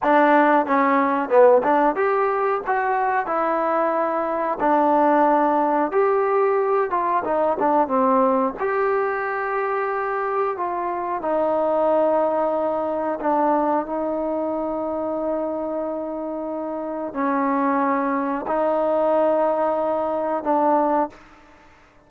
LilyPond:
\new Staff \with { instrumentName = "trombone" } { \time 4/4 \tempo 4 = 91 d'4 cis'4 b8 d'8 g'4 | fis'4 e'2 d'4~ | d'4 g'4. f'8 dis'8 d'8 | c'4 g'2. |
f'4 dis'2. | d'4 dis'2.~ | dis'2 cis'2 | dis'2. d'4 | }